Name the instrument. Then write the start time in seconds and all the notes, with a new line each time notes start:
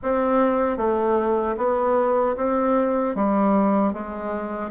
bassoon
0.03 C4
0.77 A3
1.57 B3
2.36 C4
3.15 G3
3.93 G#3